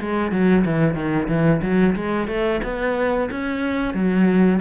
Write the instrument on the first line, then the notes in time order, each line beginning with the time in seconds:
cello
0.00 G#3
0.31 F#3
0.64 E3
0.94 D#3
1.28 E3
1.62 F#3
1.95 G#3
2.27 A3
2.63 B3
3.31 C#4
3.94 F#3